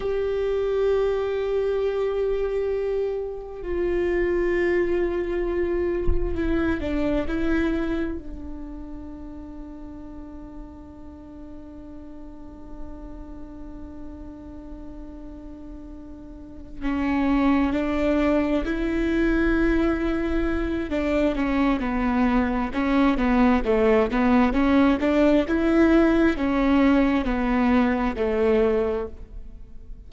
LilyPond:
\new Staff \with { instrumentName = "viola" } { \time 4/4 \tempo 4 = 66 g'1 | f'2. e'8 d'8 | e'4 d'2.~ | d'1~ |
d'2~ d'8 cis'4 d'8~ | d'8 e'2~ e'8 d'8 cis'8 | b4 cis'8 b8 a8 b8 cis'8 d'8 | e'4 cis'4 b4 a4 | }